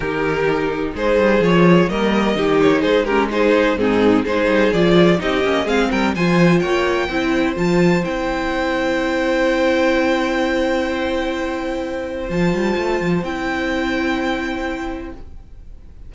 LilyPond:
<<
  \new Staff \with { instrumentName = "violin" } { \time 4/4 \tempo 4 = 127 ais'2 c''4 cis''4 | dis''4. cis''8 c''8 ais'8 c''4 | gis'4 c''4 d''4 dis''4 | f''8 g''8 gis''4 g''2 |
a''4 g''2.~ | g''1~ | g''2 a''2 | g''1 | }
  \new Staff \with { instrumentName = "violin" } { \time 4/4 g'2 gis'2 | ais'4 g'4 gis'8 g'8 gis'4 | dis'4 gis'2 g'4 | gis'8 ais'8 c''4 cis''4 c''4~ |
c''1~ | c''1~ | c''1~ | c''1 | }
  \new Staff \with { instrumentName = "viola" } { \time 4/4 dis'2. f'4 | ais4 dis'4. cis'8 dis'4 | c'4 dis'4 f'4 dis'8 cis'8 | c'4 f'2 e'4 |
f'4 e'2.~ | e'1~ | e'2 f'2 | e'1 | }
  \new Staff \with { instrumentName = "cello" } { \time 4/4 dis2 gis8 g8 f4 | g4 dis4 gis2 | gis,4 gis8 g8 f4 c'8 ais8 | gis8 g8 f4 ais4 c'4 |
f4 c'2.~ | c'1~ | c'2 f8 g8 a8 f8 | c'1 | }
>>